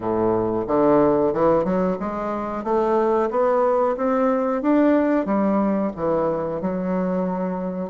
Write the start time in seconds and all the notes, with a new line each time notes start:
0.00 A2
0.67 D3
1.33 E3
1.64 F#3
1.99 G#3
2.63 A3
3.30 B3
3.97 C4
4.62 D4
5.25 G3
5.96 E3
6.61 F#3